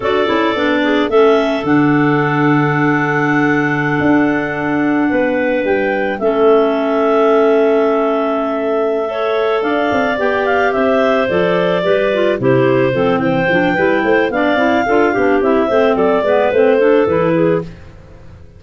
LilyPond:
<<
  \new Staff \with { instrumentName = "clarinet" } { \time 4/4 \tempo 4 = 109 d''2 e''4 fis''4~ | fis''1~ | fis''2~ fis''16 g''4 e''8.~ | e''1~ |
e''4. f''4 g''8 f''8 e''8~ | e''8 d''2 c''4. | g''2 f''2 | e''4 d''4 c''4 b'4 | }
  \new Staff \with { instrumentName = "clarinet" } { \time 4/4 a'4. gis'8 a'2~ | a'1~ | a'4~ a'16 b'2 a'8.~ | a'1~ |
a'8 cis''4 d''2 c''8~ | c''4. b'4 g'4 a'8 | c''4 b'8 c''8 d''4 a'8 g'8~ | g'8 c''8 a'8 b'4 a'4 gis'8 | }
  \new Staff \with { instrumentName = "clarinet" } { \time 4/4 fis'8 e'8 d'4 cis'4 d'4~ | d'1~ | d'2.~ d'16 cis'8.~ | cis'1~ |
cis'8 a'2 g'4.~ | g'8 a'4 g'8 f'8 e'4 c'8~ | c'8 d'8 e'4 d'8 e'8 f'8 d'8 | e'8 c'4 b8 c'8 d'8 e'4 | }
  \new Staff \with { instrumentName = "tuba" } { \time 4/4 d'8 cis'8 b4 a4 d4~ | d2.~ d16 d'8.~ | d'4~ d'16 b4 g4 a8.~ | a1~ |
a4. d'8 c'8 b4 c'8~ | c'8 f4 g4 c4 f8 | e8 f8 g8 a8 b8 c'8 d'8 b8 | c'8 a8 fis8 gis8 a4 e4 | }
>>